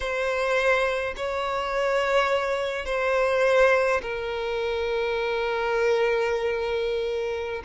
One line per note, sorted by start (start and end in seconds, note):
0.00 1.14 C5
1.16 2.85 C#5
2.85 4.01 C5
4.02 7.62 A#4